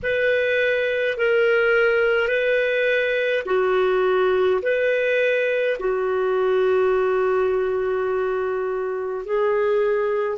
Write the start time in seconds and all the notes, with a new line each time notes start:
0.03 B4
1.17 A#4
2.28 B4
3.45 F#4
4.62 B4
5.78 F#4
9.25 G#4